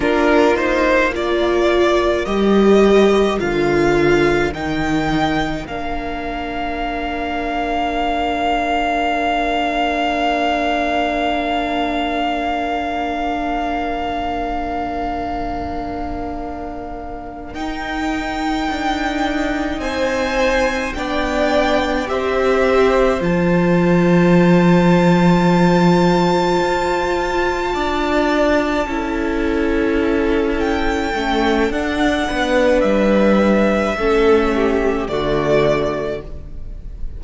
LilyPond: <<
  \new Staff \with { instrumentName = "violin" } { \time 4/4 \tempo 4 = 53 ais'8 c''8 d''4 dis''4 f''4 | g''4 f''2.~ | f''1~ | f''2.~ f''8 g''8~ |
g''4. gis''4 g''4 e''8~ | e''8 a''2.~ a''8~ | a''2. g''4 | fis''4 e''2 d''4 | }
  \new Staff \with { instrumentName = "violin" } { \time 4/4 f'4 ais'2.~ | ais'1~ | ais'1~ | ais'1~ |
ais'4. c''4 d''4 c''8~ | c''1~ | c''8 d''4 a'2~ a'8~ | a'8 b'4. a'8 g'8 fis'4 | }
  \new Staff \with { instrumentName = "viola" } { \time 4/4 d'8 dis'8 f'4 g'4 f'4 | dis'4 d'2.~ | d'1~ | d'2.~ d'8 dis'8~ |
dis'2~ dis'8 d'4 g'8~ | g'8 f'2.~ f'8~ | f'4. e'2 cis'8 | d'2 cis'4 a4 | }
  \new Staff \with { instrumentName = "cello" } { \time 4/4 ais2 g4 d4 | dis4 ais2.~ | ais1~ | ais2.~ ais8 dis'8~ |
dis'8 d'4 c'4 b4 c'8~ | c'8 f2. f'8~ | f'8 d'4 cis'2 a8 | d'8 b8 g4 a4 d4 | }
>>